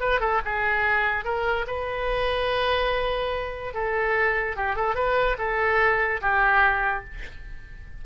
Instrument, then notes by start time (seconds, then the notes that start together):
oboe
0.00 B4
0.20 A4
0.45 G#4
1.24 A#4
1.67 B4
3.73 A4
4.56 G4
4.76 A4
4.95 B4
5.38 A4
6.21 G4